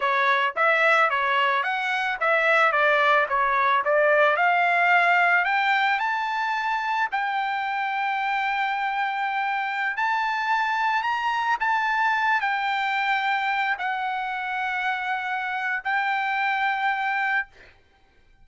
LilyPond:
\new Staff \with { instrumentName = "trumpet" } { \time 4/4 \tempo 4 = 110 cis''4 e''4 cis''4 fis''4 | e''4 d''4 cis''4 d''4 | f''2 g''4 a''4~ | a''4 g''2.~ |
g''2~ g''16 a''4.~ a''16~ | a''16 ais''4 a''4. g''4~ g''16~ | g''4~ g''16 fis''2~ fis''8.~ | fis''4 g''2. | }